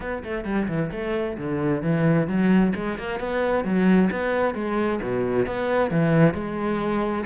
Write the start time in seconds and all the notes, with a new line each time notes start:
0.00 B3
0.23 A3
0.44 G3
0.68 E3
0.91 A3
1.37 D3
1.82 E3
2.27 F#3
2.75 G#3
2.98 A#3
3.19 B3
3.64 F#3
4.11 B3
4.54 G#3
5.02 B2
5.46 B3
5.90 E3
6.34 G#3